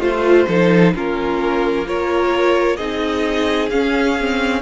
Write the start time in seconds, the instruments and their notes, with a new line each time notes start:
0.00 cello A3, violin F4 C5, viola F4
0.47 cello F3, viola D#4, violin A4
0.94 cello A#3, viola C#4, violin F4 A#4
1.86 viola F4, violin A#4 C#5
2.77 cello C4, viola D#4, violin G#4 D#5
3.69 viola C#4, cello C#4, violin F5
4.20 viola C4